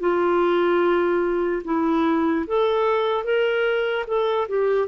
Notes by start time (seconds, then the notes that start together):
0.00 F4
1.64 E4
2.47 A4
3.24 A#4
4.07 A4
4.48 G4